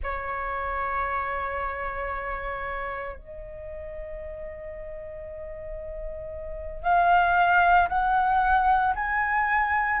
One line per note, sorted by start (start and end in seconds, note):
0.02 3.16 C#5
3.16 6.83 D#5
6.83 7.88 F5
7.89 8.94 F#5
8.95 10.00 G#5